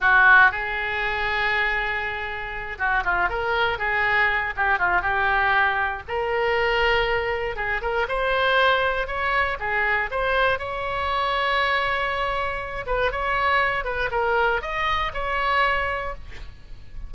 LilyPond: \new Staff \with { instrumentName = "oboe" } { \time 4/4 \tempo 4 = 119 fis'4 gis'2.~ | gis'4. fis'8 f'8 ais'4 gis'8~ | gis'4 g'8 f'8 g'2 | ais'2. gis'8 ais'8 |
c''2 cis''4 gis'4 | c''4 cis''2.~ | cis''4. b'8 cis''4. b'8 | ais'4 dis''4 cis''2 | }